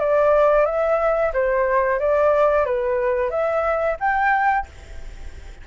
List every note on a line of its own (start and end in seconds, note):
0.00 0.65 D5
0.65 1.32 E5
1.34 2.00 C5
2.00 2.65 D5
2.65 3.31 B4
3.31 3.97 E5
4.00 4.67 G5